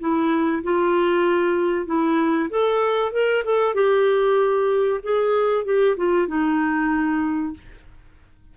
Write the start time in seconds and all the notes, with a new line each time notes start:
0.00 E4
0.63 F4
1.86 E4
2.50 A4
3.12 A#4
3.44 A4
3.74 G4
5.03 G#4
5.65 G4
5.97 F4
6.28 D#4